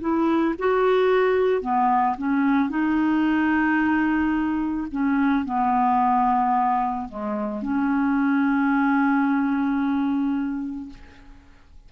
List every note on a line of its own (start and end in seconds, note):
0.00 0.55 E4
0.59 1.61 F#4
1.61 2.16 B3
2.18 2.69 C#4
2.69 4.87 D#4
4.91 5.45 C#4
5.45 7.09 B3
7.09 7.62 G#3
7.62 10.89 C#4